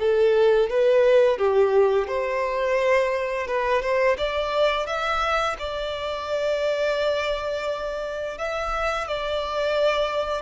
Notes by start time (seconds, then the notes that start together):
0.00 A4
0.70 B4
1.38 G4
2.08 C5
3.47 B4
3.82 C5
4.18 D5
4.87 E5
5.59 D5
8.38 E5
9.08 D5